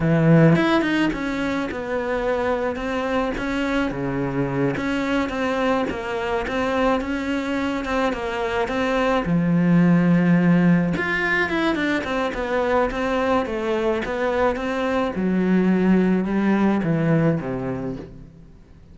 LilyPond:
\new Staff \with { instrumentName = "cello" } { \time 4/4 \tempo 4 = 107 e4 e'8 dis'8 cis'4 b4~ | b4 c'4 cis'4 cis4~ | cis8 cis'4 c'4 ais4 c'8~ | c'8 cis'4. c'8 ais4 c'8~ |
c'8 f2. f'8~ | f'8 e'8 d'8 c'8 b4 c'4 | a4 b4 c'4 fis4~ | fis4 g4 e4 c4 | }